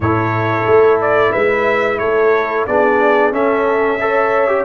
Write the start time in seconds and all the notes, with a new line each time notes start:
0.00 A2 E4 A4 C#5
0.66 A3
1.01 D5
1.31 G#3 B4 E5
1.98 A3 A4 C#5
2.66 B3 D4 G#4 D5
3.31 C#4 A4 E5
4.00 A4 C#5
4.47 G4